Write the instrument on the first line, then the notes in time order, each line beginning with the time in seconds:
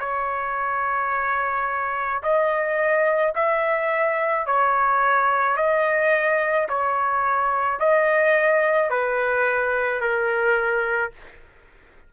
trumpet
0.00 C#5
2.23 D#5
3.35 E5
4.46 C#5
5.57 D#5
6.69 C#5
7.80 D#5
8.90 B4
10.01 A#4